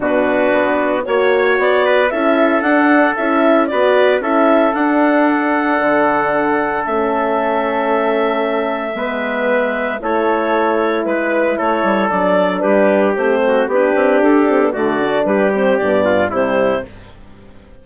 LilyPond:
<<
  \new Staff \with { instrumentName = "clarinet" } { \time 4/4 \tempo 4 = 114 b'2 cis''4 d''4 | e''4 fis''4 e''4 d''4 | e''4 fis''2.~ | fis''4 e''2.~ |
e''2. cis''4~ | cis''4 b'4 cis''4 d''4 | b'4 c''4 b'4 a'4 | d''4 b'8 c''8 d''4 c''4 | }
  \new Staff \with { instrumentName = "trumpet" } { \time 4/4 fis'2 cis''4. b'8 | a'2. b'4 | a'1~ | a'1~ |
a'4 b'2 a'4~ | a'4 b'4 a'2 | g'4. fis'8 g'2 | fis'4 g'4. f'8 e'4 | }
  \new Staff \with { instrumentName = "horn" } { \time 4/4 d'2 fis'2 | e'4 d'4 e'4 fis'4 | e'4 d'2.~ | d'4 cis'2.~ |
cis'4 b2 e'4~ | e'2. d'4~ | d'4 c'4 d'4. c'16 b16 | a8 d'4 c'8 b4 g4 | }
  \new Staff \with { instrumentName = "bassoon" } { \time 4/4 b,4 b4 ais4 b4 | cis'4 d'4 cis'4 b4 | cis'4 d'2 d4~ | d4 a2.~ |
a4 gis2 a4~ | a4 gis4 a8 g8 fis4 | g4 a4 b8 c'8 d'4 | d4 g4 g,4 c4 | }
>>